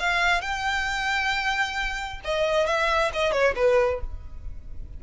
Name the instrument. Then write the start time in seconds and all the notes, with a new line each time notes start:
violin
0.00 F5
0.42 G5
2.25 D#5
2.67 E5
3.14 D#5
3.32 C#5
3.56 B4